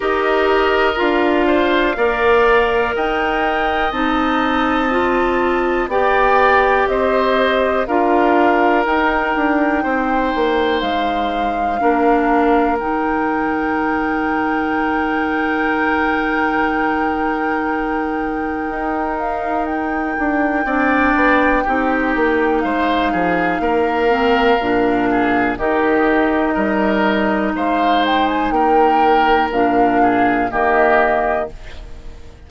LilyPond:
<<
  \new Staff \with { instrumentName = "flute" } { \time 4/4 \tempo 4 = 61 dis''4 f''2 g''4 | a''2 g''4 dis''4 | f''4 g''2 f''4~ | f''4 g''2.~ |
g''2.~ g''8 f''8 | g''2. f''4~ | f''2 dis''2 | f''8 g''16 gis''16 g''4 f''4 dis''4 | }
  \new Staff \with { instrumentName = "oboe" } { \time 4/4 ais'4. c''8 d''4 dis''4~ | dis''2 d''4 c''4 | ais'2 c''2 | ais'1~ |
ais'1~ | ais'4 d''4 g'4 c''8 gis'8 | ais'4. gis'8 g'4 ais'4 | c''4 ais'4. gis'8 g'4 | }
  \new Staff \with { instrumentName = "clarinet" } { \time 4/4 g'4 f'4 ais'2 | dis'4 f'4 g'2 | f'4 dis'2. | d'4 dis'2.~ |
dis'1~ | dis'4 d'4 dis'2~ | dis'8 c'8 d'4 dis'2~ | dis'2 d'4 ais4 | }
  \new Staff \with { instrumentName = "bassoon" } { \time 4/4 dis'4 d'4 ais4 dis'4 | c'2 b4 c'4 | d'4 dis'8 d'8 c'8 ais8 gis4 | ais4 dis2.~ |
dis2. dis'4~ | dis'8 d'8 c'8 b8 c'8 ais8 gis8 f8 | ais4 ais,4 dis4 g4 | gis4 ais4 ais,4 dis4 | }
>>